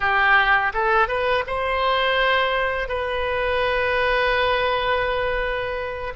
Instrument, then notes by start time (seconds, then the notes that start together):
oboe
0.00 G4
0.73 A4
1.07 B4
1.46 C5
2.88 B4